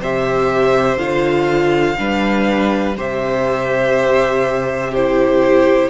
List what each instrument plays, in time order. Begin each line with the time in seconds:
0.00 cello C3, viola G4, violin C5 E5
0.97 cello D3, viola F4, violin F5
1.97 cello G3, viola D4, violin B4
2.96 cello C3, viola G4, violin C5 E5
4.91 viola E4, violin G4 C5